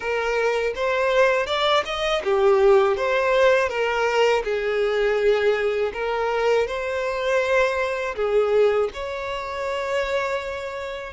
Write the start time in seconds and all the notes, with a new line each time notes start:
0.00 A#4
0.75 C5
1.46 D5
1.85 D#5
2.24 G4
2.96 C5
3.68 A#4
4.43 G#4
5.93 A#4
6.67 C5
8.15 G#4
8.93 C#5